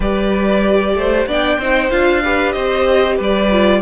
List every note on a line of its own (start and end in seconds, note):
0.00 0.94 G3
0.00 1.28 G4
0.00 0.93 B4
0.00 1.28 D5
0.94 1.26 A3
0.94 1.27 C5
1.26 1.57 B3
1.26 1.60 D4
1.26 1.58 D5
1.26 1.90 G5
1.57 1.89 C4
1.57 1.90 D#4
1.57 2.22 C5
1.90 2.55 D4
1.90 2.22 F4
1.90 2.52 F5
2.23 3.51 G4
2.23 2.54 B4
2.52 3.19 C4
2.52 3.16 C5
2.52 3.16 D#5
3.16 3.81 G3
3.16 3.80 B4
3.22 3.81 D5
3.51 3.81 F4